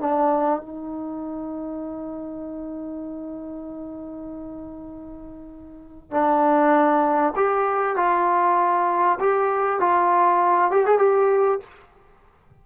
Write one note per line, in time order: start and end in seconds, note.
0.00 0.60 D4
0.60 6.11 D#4
6.11 7.33 D4
7.36 7.96 G4
7.96 9.18 F4
9.20 9.80 G4
9.80 10.71 F4
10.71 10.86 G4
10.86 10.98 G#4
10.98 11.59 G4